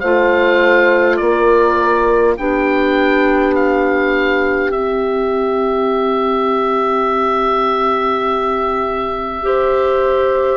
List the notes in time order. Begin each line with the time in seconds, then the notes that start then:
0.00 A3 F4 C5 F5
1.17 A#3 A#4 D5
2.38 B3 D4 G4 G5
3.55 F5
4.70 C4 E5
9.43 G4 C5